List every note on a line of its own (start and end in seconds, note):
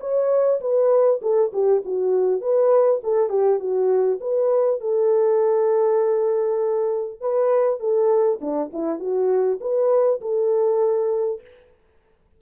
0.00 0.60 C#5
0.61 1.21 B4
1.22 1.52 A4
1.53 1.83 G4
1.85 2.41 F#4
2.41 3.01 B4
3.03 3.29 A4
3.29 3.59 G4
3.59 4.19 F#4
4.21 4.80 B4
4.80 7.20 A4
7.21 7.80 B4
7.80 8.40 A4
8.41 8.71 D4
8.73 8.99 E4
8.99 9.59 F#4
9.61 10.21 B4
10.21 11.41 A4